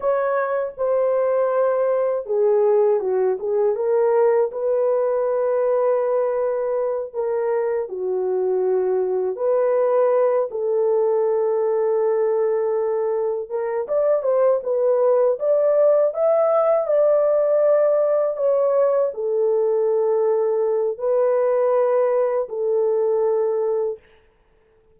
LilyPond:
\new Staff \with { instrumentName = "horn" } { \time 4/4 \tempo 4 = 80 cis''4 c''2 gis'4 | fis'8 gis'8 ais'4 b'2~ | b'4. ais'4 fis'4.~ | fis'8 b'4. a'2~ |
a'2 ais'8 d''8 c''8 b'8~ | b'8 d''4 e''4 d''4.~ | d''8 cis''4 a'2~ a'8 | b'2 a'2 | }